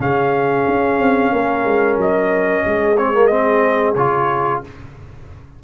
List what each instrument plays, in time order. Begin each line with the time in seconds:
0.00 tuba C#3, trombone C#4, horn G#4, trumpet F5
0.68 tuba C#4
0.99 tuba C4
1.33 tuba A#3, horn A#4
1.65 tuba G#3
1.98 tuba F#3, trumpet D#5
2.65 tuba G#3, horn G#4
2.98 trombone C4, trumpet C#5
3.14 trombone A#3
3.28 trombone C4, trumpet D#5
3.95 tuba C#3, trombone F4, trumpet C#5